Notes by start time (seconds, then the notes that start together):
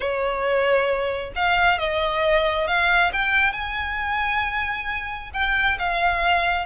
0.00 C#5
1.35 F5
1.78 D#5
2.67 F5
3.12 G5
3.52 G#5
5.33 G5
5.78 F5